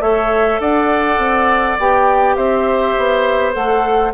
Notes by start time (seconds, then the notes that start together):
0.00 A3 A4 C#5 E5
0.60 D4 D5 F#5
1.19 C4
1.79 B3 G4 G5
2.36 C4 C5 E5
2.98 B3
3.54 A3 A4 F#5